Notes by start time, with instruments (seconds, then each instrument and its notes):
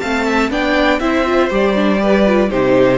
0.00 cello A3, viola C4, violin F5 A5
0.26 violin E5
0.50 cello B3, viola D4, violin D5 G5
1.00 cello C4, viola E4, violin C5 E5
1.26 viola F4
1.51 cello G3, viola G4, violin D5
1.76 viola D4
1.98 viola G4, violin B4
2.26 viola F4
2.50 cello C3, viola D#4, violin G4 C5